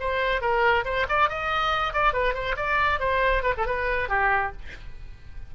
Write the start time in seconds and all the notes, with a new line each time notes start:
0.00 C5
0.41 A#4
0.85 C5
1.09 D5
1.29 D#5
1.93 D5
2.13 B4
2.34 C5
2.57 D5
3.00 C5
3.43 B4
3.57 A4
3.66 B4
4.09 G4